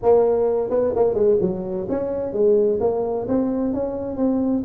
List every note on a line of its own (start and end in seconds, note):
0.02 0.70 A#3
0.70 0.93 B3
0.95 1.14 A#3
1.14 1.37 G#3
1.41 1.87 F#3
1.89 2.32 C#4
2.32 2.79 G#3
2.80 3.26 A#3
3.28 3.73 C4
3.73 4.16 C#4
4.16 4.63 C4